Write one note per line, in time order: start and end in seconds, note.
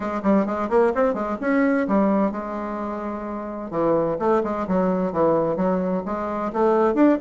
0.00 0.21 G#3
0.22 0.45 G3
0.46 0.69 G#3
0.69 0.93 A#3
0.94 1.14 C4
1.14 1.37 G#3
1.40 1.87 C#4
1.87 2.31 G3
2.31 3.70 G#3
3.70 4.17 E3
4.19 4.42 A3
4.43 4.66 G#3
4.67 5.12 F#3
5.12 5.56 E3
5.56 6.02 F#3
6.05 6.52 G#3
6.52 6.94 A3
6.94 7.17 D4